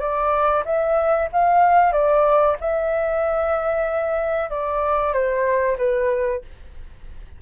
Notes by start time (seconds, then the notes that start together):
0.00 D5
0.65 E5
1.33 F5
1.93 D5
2.61 E5
4.50 D5
5.14 C5
5.78 B4